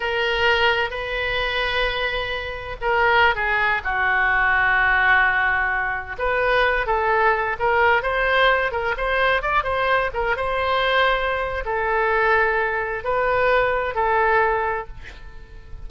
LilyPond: \new Staff \with { instrumentName = "oboe" } { \time 4/4 \tempo 4 = 129 ais'2 b'2~ | b'2 ais'4~ ais'16 gis'8.~ | gis'16 fis'2.~ fis'8.~ | fis'4~ fis'16 b'4. a'4~ a'16~ |
a'16 ais'4 c''4. ais'8 c''8.~ | c''16 d''8 c''4 ais'8 c''4.~ c''16~ | c''4 a'2. | b'2 a'2 | }